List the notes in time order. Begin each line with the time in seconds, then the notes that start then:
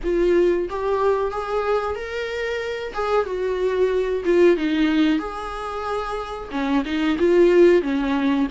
0.03 F4
0.69 G4
1.31 G#4
1.95 A#4
2.94 G#4
3.25 F#4
4.25 F4
4.56 D#4
5.18 G#4
6.51 C#4
6.85 D#4
7.18 F4
7.82 C#4